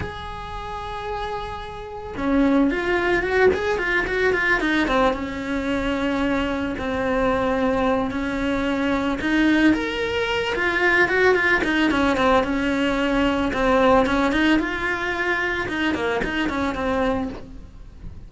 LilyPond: \new Staff \with { instrumentName = "cello" } { \time 4/4 \tempo 4 = 111 gis'1 | cis'4 f'4 fis'8 gis'8 f'8 fis'8 | f'8 dis'8 c'8 cis'2~ cis'8~ | cis'8 c'2~ c'8 cis'4~ |
cis'4 dis'4 ais'4. f'8~ | f'8 fis'8 f'8 dis'8 cis'8 c'8 cis'4~ | cis'4 c'4 cis'8 dis'8 f'4~ | f'4 dis'8 ais8 dis'8 cis'8 c'4 | }